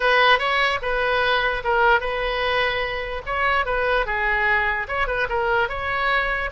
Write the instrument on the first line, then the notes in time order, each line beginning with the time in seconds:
oboe
0.00 B4
0.39 C#5
0.82 B4
1.64 A#4
2.00 B4
3.26 C#5
3.65 B4
4.06 G#4
4.88 C#5
5.07 B4
5.29 A#4
5.68 C#5